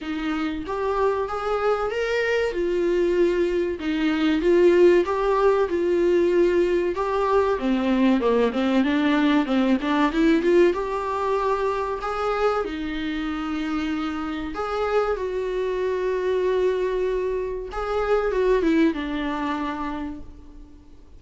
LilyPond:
\new Staff \with { instrumentName = "viola" } { \time 4/4 \tempo 4 = 95 dis'4 g'4 gis'4 ais'4 | f'2 dis'4 f'4 | g'4 f'2 g'4 | c'4 ais8 c'8 d'4 c'8 d'8 |
e'8 f'8 g'2 gis'4 | dis'2. gis'4 | fis'1 | gis'4 fis'8 e'8 d'2 | }